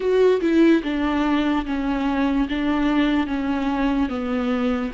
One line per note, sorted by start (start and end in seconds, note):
0.00 0.40 F#4
0.41 0.82 E4
0.83 1.65 D4
1.65 2.47 C#4
2.48 3.27 D4
3.27 4.09 C#4
4.09 4.91 B3